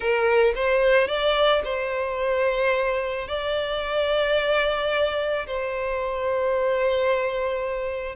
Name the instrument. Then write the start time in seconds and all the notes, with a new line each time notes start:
violin
0.00 A#4
0.55 C5
1.07 D5
1.64 C5
3.28 D5
5.47 C5